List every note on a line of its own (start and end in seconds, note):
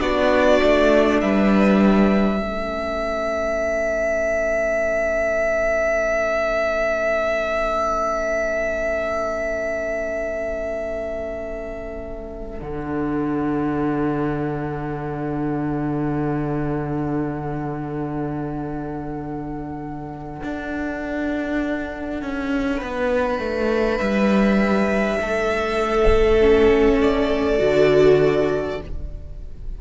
0.00 0.61 B3
0.00 2.39 D4
0.00 1.22 F#4
0.00 1.21 D5
0.63 1.22 A3
1.21 2.41 G3
1.21 2.40 B4
1.21 12.61 E5
2.39 12.61 A3
2.39 12.59 C#4
2.39 22.78 A4
12.60 20.41 D3
12.60 26.40 D4
12.60 23.98 F#5
20.43 22.22 D4
22.22 22.82 C#4
22.78 23.39 B3
22.78 25.18 B4
23.39 24.00 A3
23.98 25.20 G3
23.98 26.98 E5
25.21 27.61 A3
25.21 28.82 A4
26.41 27.59 C#4
27.02 28.82 D5
27.59 28.80 D3
27.59 28.79 F#4